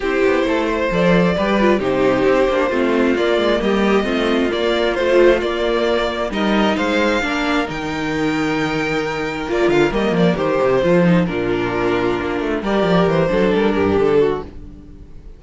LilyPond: <<
  \new Staff \with { instrumentName = "violin" } { \time 4/4 \tempo 4 = 133 c''2 d''2 | c''2. d''4 | dis''2 d''4 c''4 | d''2 dis''4 f''4~ |
f''4 g''2.~ | g''4 d''8 f''8 dis''8 d''8 c''4~ | c''4 ais'2. | d''4 c''4 ais'4 a'4 | }
  \new Staff \with { instrumentName = "violin" } { \time 4/4 g'4 a'8 c''4. b'4 | g'2 f'2 | g'4 f'2.~ | f'2 ais'4 c''4 |
ais'1~ | ais'1 | a'4 f'2. | ais'4. a'4 g'4 fis'8 | }
  \new Staff \with { instrumentName = "viola" } { \time 4/4 e'2 a'4 g'8 f'8 | dis'4. d'8 c'4 ais4~ | ais4 c'4 ais4 f4 | ais2 dis'2 |
d'4 dis'2.~ | dis'4 f'4 ais4 g'4 | f'8 dis'8 d'2. | g'4. d'2~ d'8 | }
  \new Staff \with { instrumentName = "cello" } { \time 4/4 c'8 b8 a4 f4 g4 | c4 c'8 ais8 a4 ais8 gis8 | g4 a4 ais4 a4 | ais2 g4 gis4 |
ais4 dis2.~ | dis4 ais8 d8 g8 f8 dis8 c8 | f4 ais,2 ais8 a8 | g8 f8 e8 fis8 g8 g,8 d4 | }
>>